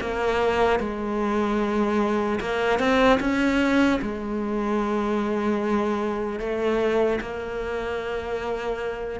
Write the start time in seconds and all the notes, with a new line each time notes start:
0.00 A#3
0.79 G#3
2.40 A#3
2.79 C4
3.20 C#4
4.01 G#3
6.39 A3
7.20 A#3